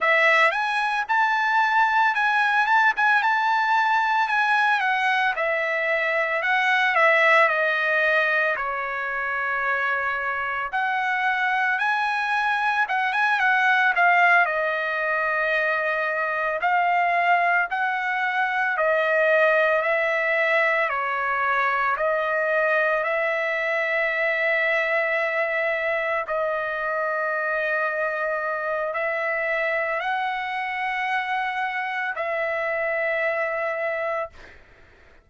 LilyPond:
\new Staff \with { instrumentName = "trumpet" } { \time 4/4 \tempo 4 = 56 e''8 gis''8 a''4 gis''8 a''16 gis''16 a''4 | gis''8 fis''8 e''4 fis''8 e''8 dis''4 | cis''2 fis''4 gis''4 | fis''16 gis''16 fis''8 f''8 dis''2 f''8~ |
f''8 fis''4 dis''4 e''4 cis''8~ | cis''8 dis''4 e''2~ e''8~ | e''8 dis''2~ dis''8 e''4 | fis''2 e''2 | }